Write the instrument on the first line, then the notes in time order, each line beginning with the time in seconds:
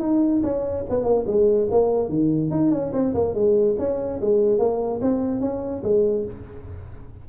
tuba
0.00 D#4
0.43 C#4
0.89 B3
1.03 A#3
1.27 G#3
1.71 A#3
2.09 D#3
2.51 D#4
2.71 C#4
2.93 C4
3.14 A#3
3.34 G#3
3.78 C#4
4.21 G#3
4.58 A#3
5.01 C4
5.41 C#4
5.83 G#3